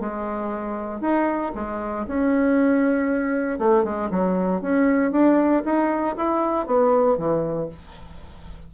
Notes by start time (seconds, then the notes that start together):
0.00 G#3
1.01 D#4
1.55 G#3
2.07 C#4
3.59 A3
3.84 G#3
4.10 F#3
4.62 C#4
5.12 D4
5.65 D#4
6.17 E4
6.66 B3
7.18 E3